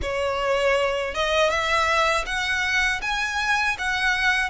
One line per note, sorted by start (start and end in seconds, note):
0.02 1.14 C#5
1.14 1.50 D#5
1.50 2.25 E5
2.25 3.00 F#5
3.01 3.76 G#5
3.78 4.49 F#5